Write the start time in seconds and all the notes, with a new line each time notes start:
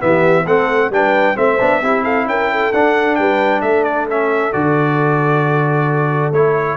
0.00 E3 B3 G4 E5
0.44 A3 C4 A4 F#5
0.90 G3 D4 B4 G5
1.35 A3 C4 C5 E5
1.60 B3 D4
1.81 C4 E4 G4
2.03 A4 F5
2.26 C#4 A#4 G5
2.52 A4
2.72 D4 F#5
3.16 G3 B4 G5
3.61 A3 A4 E5
3.84 D5
4.09 C#4 E5
4.53 D3 F#4 D5
6.31 A3 E4 C#5